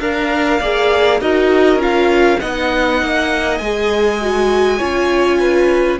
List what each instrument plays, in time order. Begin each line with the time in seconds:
0.00 cello D4, violin A#4 F5, viola A#4
0.60 cello A#3, viola G#4, violin D5
1.20 cello D#4, viola F#4, violin A#4 D#5
1.76 cello C#4, viola F4
1.82 violin F5
2.40 cello B3, viola D#4, violin D#5 F#5
3.02 cello A#3
3.58 cello G#3, viola G#4, violin G#5
4.21 viola F#4
4.78 cello C#4, viola F4, violin C#5
5.39 violin B4